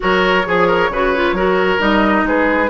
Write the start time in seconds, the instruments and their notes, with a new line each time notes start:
0.00 bassoon F#3, clarinet F#4, oboe A#4, flute C#5
0.45 bassoon F3, clarinet G#4, oboe G#4
0.67 oboe A#4
0.89 bassoon C#3, clarinet F#4, oboe B4
1.15 clarinet F4
1.32 bassoon F#3, clarinet F#4, oboe A#4
1.78 bassoon G3, clarinet D#4, flute D#5
2.23 bassoon G#3, oboe G#4, flute B4